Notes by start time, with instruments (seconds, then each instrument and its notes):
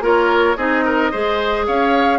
0.00 bassoon A#3, clarinet F4, oboe A#4, flute C#5
0.56 bassoon C4, clarinet D#4, oboe G#4, flute D#5
0.85 oboe A#4
1.11 bassoon G#3, clarinet G#4, oboe C5
1.66 bassoon C#4, oboe C#5, flute F5